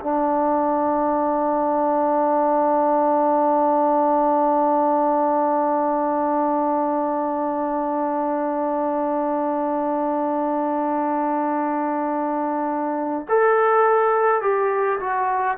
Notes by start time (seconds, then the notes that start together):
0.00 D4
13.28 A4
14.41 G4
15.00 F#4